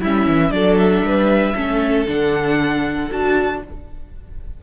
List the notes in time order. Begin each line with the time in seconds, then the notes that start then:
0.00 G3 C#4 E4 E5
0.26 E3
0.51 F#3 D4 A4 D5
0.78 E5
1.02 G3 B4
1.54 A3 C#4 A4
2.07 D3 D4 F#5
3.11 D4 F#4 A5